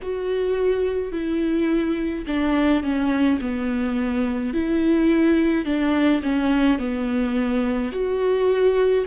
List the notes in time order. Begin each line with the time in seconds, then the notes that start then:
0.02 F#4
1.12 E4
2.26 D4
2.83 C#4
3.40 B3
4.53 E4
5.64 D4
6.22 C#4
6.78 B3
7.92 F#4